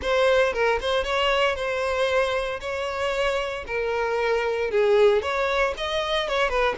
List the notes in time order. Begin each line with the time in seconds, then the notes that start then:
0.02 C5
0.53 A#4
0.80 C5
1.04 C#5
1.55 C5
2.60 C#5
3.66 A#4
4.70 G#4
5.22 C#5
5.77 D#5
6.28 C#5
6.49 B4